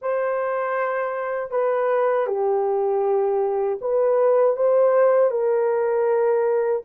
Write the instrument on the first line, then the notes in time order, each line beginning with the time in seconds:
horn
0.01 C5
1.51 B4
2.26 G4
3.81 B4
4.56 C5
5.30 A#4